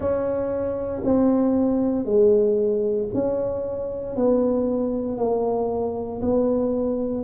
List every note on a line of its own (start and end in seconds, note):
0.00 1.02 C#4
1.04 2.05 C4
2.05 3.08 G#3
3.14 4.16 C#4
4.16 5.17 B3
5.17 6.21 A#3
6.21 7.24 B3